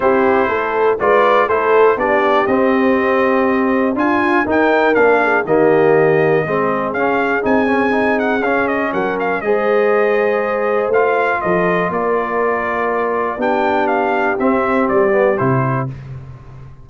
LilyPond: <<
  \new Staff \with { instrumentName = "trumpet" } { \time 4/4 \tempo 4 = 121 c''2 d''4 c''4 | d''4 dis''2. | gis''4 g''4 f''4 dis''4~ | dis''2 f''4 gis''4~ |
gis''8 fis''8 f''8 dis''8 fis''8 f''8 dis''4~ | dis''2 f''4 dis''4 | d''2. g''4 | f''4 e''4 d''4 c''4 | }
  \new Staff \with { instrumentName = "horn" } { \time 4/4 g'4 a'4 b'4 a'4 | g'1 | f'4 ais'4. gis'8 g'4~ | g'4 gis'2.~ |
gis'2 ais'4 c''4~ | c''2. a'4 | ais'2. g'4~ | g'1 | }
  \new Staff \with { instrumentName = "trombone" } { \time 4/4 e'2 f'4 e'4 | d'4 c'2. | f'4 dis'4 d'4 ais4~ | ais4 c'4 cis'4 dis'8 cis'8 |
dis'4 cis'2 gis'4~ | gis'2 f'2~ | f'2. d'4~ | d'4 c'4. b8 e'4 | }
  \new Staff \with { instrumentName = "tuba" } { \time 4/4 c'4 a4 gis4 a4 | b4 c'2. | d'4 dis'4 ais4 dis4~ | dis4 gis4 cis'4 c'4~ |
c'4 cis'4 fis4 gis4~ | gis2 a4 f4 | ais2. b4~ | b4 c'4 g4 c4 | }
>>